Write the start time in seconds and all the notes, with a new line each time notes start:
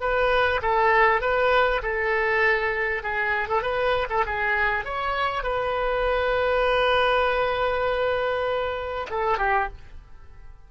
0.00 B4
0.61 A4
1.21 B4
1.82 A4
3.02 G#4
3.48 A4
3.62 B4
4.09 A4
4.26 G#4
4.85 C#5
5.43 B4
9.10 A4
9.37 G4